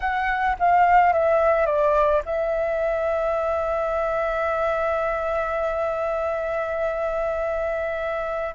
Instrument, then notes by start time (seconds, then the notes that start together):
flute
0.00 F#5
0.59 F5
1.12 E5
1.66 D5
2.25 E5